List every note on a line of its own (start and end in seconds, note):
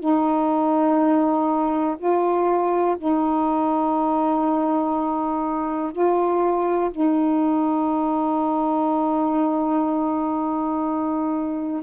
0.00 1.97 D#4
1.99 2.97 F4
2.98 5.92 D#4
5.92 6.91 F4
6.91 11.83 D#4